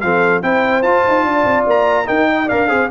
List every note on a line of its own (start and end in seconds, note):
0.00 0.42 F3
0.00 0.42 C4
0.00 0.43 A4
0.00 0.41 F5
0.42 0.82 C4
0.42 0.83 E4
0.42 1.25 C5
0.42 0.82 G5
0.82 1.03 F4
0.82 2.05 F4
0.82 1.64 A5
1.07 1.23 D#4
1.23 1.44 D4
1.23 2.06 D5
1.44 1.65 C4
1.66 2.07 A#3
1.66 2.07 A#5
2.05 2.46 D#4
2.05 2.50 D#4
2.05 2.27 A#4
2.05 2.48 G5
2.29 2.47 D#5
2.47 2.69 D4
2.47 2.68 A#4
2.47 2.67 D5
2.47 2.90 F5
2.68 2.90 C4
2.68 2.88 G#4
2.68 2.88 C5